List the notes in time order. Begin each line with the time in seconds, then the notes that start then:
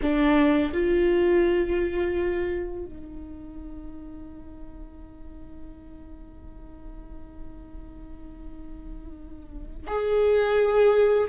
0.02 D4
0.73 F4
2.85 D#4
9.87 G#4